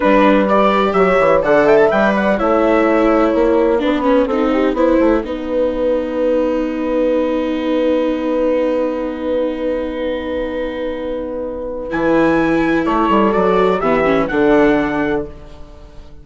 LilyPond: <<
  \new Staff \with { instrumentName = "trumpet" } { \time 4/4 \tempo 4 = 126 b'4 d''4 e''4 fis''8 g''16 a''16 | g''8 fis''8 e''2 fis''4~ | fis''1~ | fis''1~ |
fis''1~ | fis''1~ | fis''4 gis''2 cis''4 | d''4 e''4 fis''2 | }
  \new Staff \with { instrumentName = "horn" } { \time 4/4 b'2 cis''4 d''8 e''8~ | e''8 d''8 cis''2. | b'4 a'8 g'8 c''4 b'4~ | b'1~ |
b'1~ | b'1~ | b'2. a'4~ | a'4 g'4 a'2 | }
  \new Staff \with { instrumentName = "viola" } { \time 4/4 d'4 g'2 a'4 | b'4 e'2. | d'8 cis'8 dis'4 e'4 dis'4~ | dis'1~ |
dis'1~ | dis'1~ | dis'4 e'2. | fis'4 b8 cis'8 d'2 | }
  \new Staff \with { instrumentName = "bassoon" } { \time 4/4 g2 fis8 e8 d4 | g4 a2 ais4 | b4 c'4 b8 a8 b4~ | b1~ |
b1~ | b1~ | b4 e2 a8 g8 | fis4 e4 d2 | }
>>